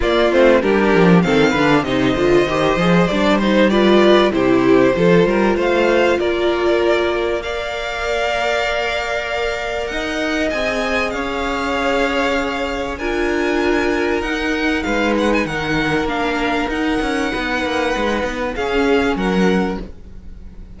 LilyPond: <<
  \new Staff \with { instrumentName = "violin" } { \time 4/4 \tempo 4 = 97 d''8 c''8 ais'4 f''4 dis''4~ | dis''4 d''8 c''8 d''4 c''4~ | c''4 f''4 d''2 | f''1 |
fis''4 gis''4 f''2~ | f''4 gis''2 fis''4 | f''8 fis''16 gis''16 fis''4 f''4 fis''4~ | fis''2 f''4 fis''4 | }
  \new Staff \with { instrumentName = "violin" } { \time 4/4 f'4 g'4 a'8 b'8 c''4~ | c''2 b'4 g'4 | a'8 ais'8 c''4 ais'2 | d''1 |
dis''2 cis''2~ | cis''4 ais'2. | b'4 ais'2. | b'2 gis'4 ais'4 | }
  \new Staff \with { instrumentName = "viola" } { \time 4/4 ais8 c'8 d'4 c'8 d'8 dis'8 f'8 | g'8 gis'8 d'8 dis'8 f'4 e'4 | f'1 | ais'1~ |
ais'4 gis'2.~ | gis'4 f'2 dis'4~ | dis'2 d'4 dis'4~ | dis'2 cis'2 | }
  \new Staff \with { instrumentName = "cello" } { \time 4/4 ais8 a8 g8 f8 dis8 d8 c8 d8 | dis8 f8 g2 c4 | f8 g8 a4 ais2~ | ais1 |
dis'4 c'4 cis'2~ | cis'4 d'2 dis'4 | gis4 dis4 ais4 dis'8 cis'8 | b8 ais8 gis8 b8 cis'4 fis4 | }
>>